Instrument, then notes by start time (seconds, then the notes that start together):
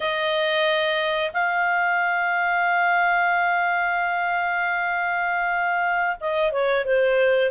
clarinet
0.00 D#5
1.33 F5
6.20 D#5
6.52 C#5
6.84 C5